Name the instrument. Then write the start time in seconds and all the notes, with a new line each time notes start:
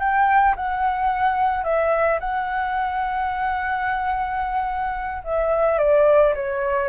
flute
0.00 G5
0.57 F#5
1.64 E5
2.20 F#5
5.24 E5
5.79 D5
6.35 C#5